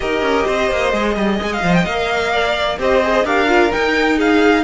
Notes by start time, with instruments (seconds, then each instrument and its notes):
0.00 cello D#4, viola G4, violin A#4 D#5
0.22 cello C#4
0.46 cello C4, violin C5
0.70 cello A#3
0.92 cello G#3, viola G#4
1.15 cello G3, violin D#5
1.41 cello G#3, violin G#5
1.52 violin F5
1.62 cello F3, viola C5
1.74 violin G5
1.85 cello A#3, viola A#4, violin F5
2.32 violin D5
2.78 cello C4, viola G4, violin C5 D#5
3.02 viola G#4
3.24 cello D4, viola G4, violin A#4 F5
3.47 viola F4
3.72 viola D#4, cello D#4, violin G5
4.17 violin G#4 F5